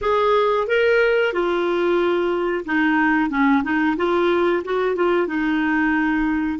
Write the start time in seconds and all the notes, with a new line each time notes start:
0.01 G#4
0.67 A#4
1.33 F4
2.65 D#4
3.30 C#4
3.63 D#4
3.97 F4
4.64 F#4
4.95 F4
5.27 D#4